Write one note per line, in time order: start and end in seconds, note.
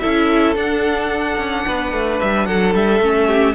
0.00 0.56 C#4
0.00 0.56 E4
0.00 1.65 A4
0.00 0.55 E5
0.56 1.38 D4
0.56 3.02 D4
0.56 2.20 F#5
1.38 1.65 C#4
1.67 1.92 B3
1.67 2.48 B4
1.92 2.20 A3
2.20 2.49 G3
2.20 2.46 E5
2.46 2.75 F#3
2.46 3.28 A4
2.46 2.74 F#5
2.75 3.00 G3
2.75 3.55 E5
3.00 3.55 A3
3.00 3.55 C#4
3.28 3.55 G4